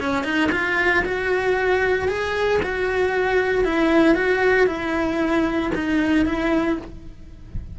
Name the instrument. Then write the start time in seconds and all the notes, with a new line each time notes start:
cello
0.00 C#4
0.24 D#4
0.52 F4
1.05 F#4
2.08 G#4
2.63 F#4
3.65 E4
4.15 F#4
4.67 E4
5.75 D#4
6.26 E4